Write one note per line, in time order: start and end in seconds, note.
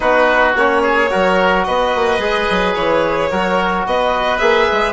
0.00 0.55 B3
0.00 0.55 D#4
0.00 0.82 F#4
0.00 0.53 B4
0.55 1.10 A#3
0.55 1.10 C#4
0.55 1.64 C#5
0.82 1.09 G#4
1.10 1.67 F#3
1.10 2.20 F#4
1.10 1.66 A#4
1.64 1.95 B3
1.64 3.30 B4
1.64 2.74 D#5
1.95 2.18 A#3
2.18 2.46 G#3
2.18 3.30 G#4
2.50 2.75 F#3
2.74 3.30 E3
2.74 3.84 C#5
3.30 3.86 F#3
3.30 4.39 F#4
3.30 3.85 A#4
3.86 4.40 B3
3.86 4.92 B4
3.86 4.38 D#5
4.38 4.68 A#3
4.38 4.92 G#4
4.38 4.92 E5
4.71 4.92 G#3